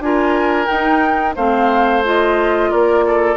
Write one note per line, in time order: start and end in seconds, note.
0.00 0.67 D4
0.00 0.67 F4
0.00 1.36 A#4
0.00 0.66 G#5
0.66 1.34 D#4
0.66 1.37 D#4
0.66 1.34 G5
1.36 2.71 A3
1.36 2.04 C4
1.36 2.70 C5
1.36 2.04 F5
2.04 3.37 F4
2.04 2.71 D#5
2.70 3.37 A#3
2.70 3.04 A#4
2.70 3.37 D5
3.06 3.37 A4